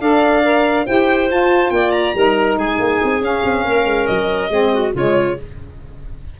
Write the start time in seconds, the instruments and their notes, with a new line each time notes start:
0.00 tuba D4, saxophone A4, clarinet D5, violin F5
0.43 saxophone A#4
0.86 tuba E4, saxophone G4, clarinet C5, violin G5
1.29 saxophone F4, tuba F4, violin A5
1.70 tuba A#3, clarinet D5, violin G5
1.91 violin A#5
2.14 tuba G3, saxophone D#4, clarinet A#4
2.56 tuba G#3, clarinet G#4, violin G#5
2.79 tuba A#3
3.03 tuba C4
3.20 saxophone C#4, tuba C#4, violin F5
3.44 tuba C4
3.64 tuba A#3, clarinet A#4
3.85 tuba G#3
4.06 tuba F#3, violin D#5
4.49 tuba G#3, saxophone C4, clarinet G#4
4.73 clarinet F#4
4.93 tuba C#3, saxophone G#3, clarinet F4, violin C#5